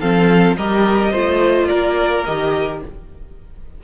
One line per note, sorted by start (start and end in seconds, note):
0.00 0.57 F3
0.00 0.57 C4
0.00 0.56 A4
0.00 0.56 F5
0.56 1.13 G3
0.56 1.13 G4
0.56 1.12 A#4
0.56 1.68 D#5
1.12 1.70 A3
1.12 2.25 F4
1.12 1.68 C5
1.68 2.27 A#3
1.68 2.81 A#4
1.68 2.24 D5
2.25 2.84 D#3
2.25 2.82 G4
2.25 2.81 D#5